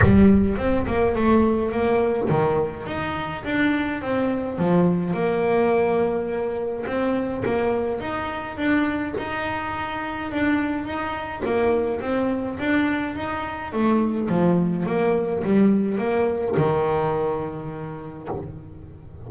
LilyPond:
\new Staff \with { instrumentName = "double bass" } { \time 4/4 \tempo 4 = 105 g4 c'8 ais8 a4 ais4 | dis4 dis'4 d'4 c'4 | f4 ais2. | c'4 ais4 dis'4 d'4 |
dis'2 d'4 dis'4 | ais4 c'4 d'4 dis'4 | a4 f4 ais4 g4 | ais4 dis2. | }